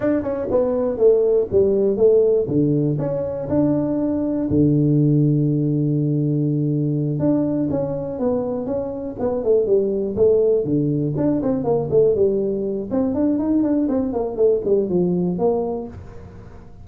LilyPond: \new Staff \with { instrumentName = "tuba" } { \time 4/4 \tempo 4 = 121 d'8 cis'8 b4 a4 g4 | a4 d4 cis'4 d'4~ | d'4 d2.~ | d2~ d8 d'4 cis'8~ |
cis'8 b4 cis'4 b8 a8 g8~ | g8 a4 d4 d'8 c'8 ais8 | a8 g4. c'8 d'8 dis'8 d'8 | c'8 ais8 a8 g8 f4 ais4 | }